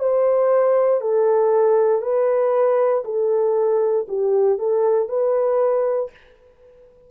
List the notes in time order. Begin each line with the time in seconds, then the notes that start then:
0.00 C5
1.02 A4
2.02 B4
3.05 A4
4.09 G4
4.59 A4
5.09 B4